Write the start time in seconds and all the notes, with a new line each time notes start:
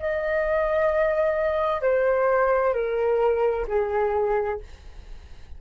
0.00 D#5
1.82 C5
2.74 A#4
3.68 G#4